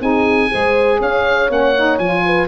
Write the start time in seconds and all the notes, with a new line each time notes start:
0.00 C4 D#4 G#4 G#5
0.50 G#3 G#4 C5
0.99 C#4 C#5 F5
1.48 A#3 C#4 F#5
1.76 D#4
1.98 F3 F4 G#5
2.25 B4